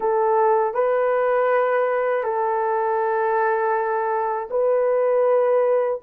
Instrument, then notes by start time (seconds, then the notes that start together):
horn
0.00 A4
0.74 B4
2.23 A4
4.50 B4